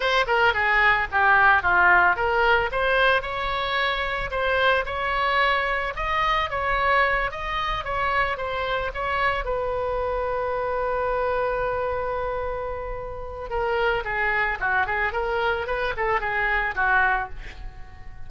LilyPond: \new Staff \with { instrumentName = "oboe" } { \time 4/4 \tempo 4 = 111 c''8 ais'8 gis'4 g'4 f'4 | ais'4 c''4 cis''2 | c''4 cis''2 dis''4 | cis''4. dis''4 cis''4 c''8~ |
c''8 cis''4 b'2~ b'8~ | b'1~ | b'4 ais'4 gis'4 fis'8 gis'8 | ais'4 b'8 a'8 gis'4 fis'4 | }